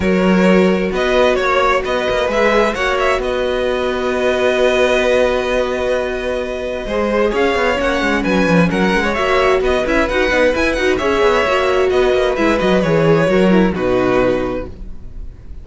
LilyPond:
<<
  \new Staff \with { instrumentName = "violin" } { \time 4/4 \tempo 4 = 131 cis''2 dis''4 cis''4 | dis''4 e''4 fis''8 e''8 dis''4~ | dis''1~ | dis''1 |
f''4 fis''4 gis''4 fis''4 | e''4 dis''8 e''8 fis''4 gis''8 fis''8 | e''2 dis''4 e''8 dis''8 | cis''2 b'2 | }
  \new Staff \with { instrumentName = "violin" } { \time 4/4 ais'2 b'4 cis''4 | b'2 cis''4 b'4~ | b'1~ | b'2. c''4 |
cis''2 b'4 ais'8. cis''16~ | cis''4 b'2. | cis''2 b'2~ | b'4 ais'4 fis'2 | }
  \new Staff \with { instrumentName = "viola" } { \time 4/4 fis'1~ | fis'4 gis'4 fis'2~ | fis'1~ | fis'2. gis'4~ |
gis'4 cis'2. | fis'4. e'8 fis'8 dis'8 e'8 fis'8 | gis'4 fis'2 e'8 fis'8 | gis'4 fis'8 e'8 dis'2 | }
  \new Staff \with { instrumentName = "cello" } { \time 4/4 fis2 b4 ais4 | b8 ais8 gis4 ais4 b4~ | b1~ | b2. gis4 |
cis'8 b8 ais8 gis8 fis8 f8 fis8 gis8 | ais4 b8 cis'8 dis'8 b8 e'8 dis'8 | cis'8 b8 ais4 b8 ais8 gis8 fis8 | e4 fis4 b,2 | }
>>